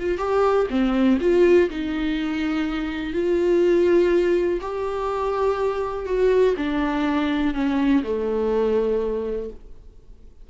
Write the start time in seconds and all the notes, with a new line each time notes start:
0.00 F4
0.18 G4
0.71 C4
1.21 F4
1.70 D#4
3.14 F4
4.61 G4
6.06 F#4
6.57 D4
7.55 C#4
8.04 A3